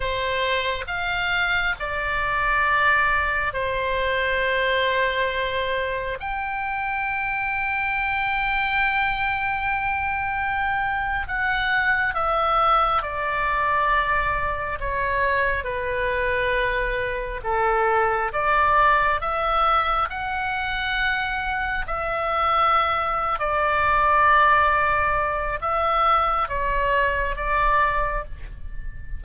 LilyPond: \new Staff \with { instrumentName = "oboe" } { \time 4/4 \tempo 4 = 68 c''4 f''4 d''2 | c''2. g''4~ | g''1~ | g''8. fis''4 e''4 d''4~ d''16~ |
d''8. cis''4 b'2 a'16~ | a'8. d''4 e''4 fis''4~ fis''16~ | fis''8. e''4.~ e''16 d''4.~ | d''4 e''4 cis''4 d''4 | }